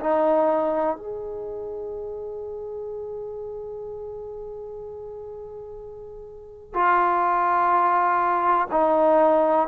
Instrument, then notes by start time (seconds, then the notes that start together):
trombone
0.00 D#4
0.96 G#4
6.73 F4
8.71 D#4